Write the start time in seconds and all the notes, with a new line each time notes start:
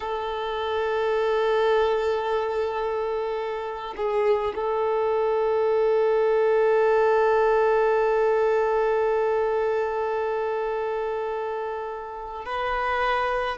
0.00 A4
3.96 G#4
4.55 A4
12.45 B4